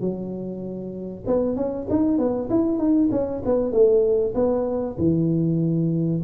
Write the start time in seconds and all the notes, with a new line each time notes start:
0.00 F#3
1.26 B3
1.56 C#4
1.90 D#4
2.18 B3
2.49 E4
2.78 D#4
3.11 C#4
3.45 B3
3.71 A3
4.34 B3
4.98 E3